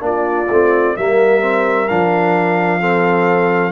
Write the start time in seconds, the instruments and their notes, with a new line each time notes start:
0.00 tuba A#3, trombone D4, trumpet D5
0.06 horn F4
0.49 tuba A3, trombone C4
0.97 tuba G3, trombone A#3, horn A#4, trumpet E5
1.41 trombone C4
1.88 tuba F3, trombone D4, trumpet F5
2.80 trombone C4, horn A4